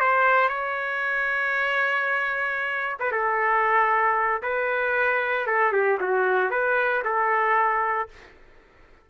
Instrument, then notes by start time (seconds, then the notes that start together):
trumpet
0.00 C5
0.49 C#5
2.99 B4
3.11 A4
4.42 B4
5.47 A4
5.72 G4
6.00 F#4
6.50 B4
7.04 A4